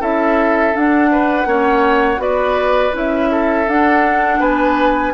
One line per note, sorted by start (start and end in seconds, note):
0.00 0.73 C#4
0.00 0.73 E4
0.00 1.10 A4
0.00 0.76 E5
0.73 1.47 D4
0.73 1.45 D4
0.73 2.21 F#5
1.11 1.48 B4
1.45 2.18 A#3
1.45 2.17 C#4
1.45 2.21 C#5
2.17 2.91 B3
2.17 2.90 F#4
2.17 3.30 B4
2.17 2.95 D5
2.93 3.67 C#4
2.93 3.66 E4
2.93 3.69 E5
3.31 4.40 A4
3.67 4.39 D4
3.67 5.14 D4
3.67 4.42 F#5
4.39 5.12 B3
4.39 5.13 B4
4.39 5.14 G#5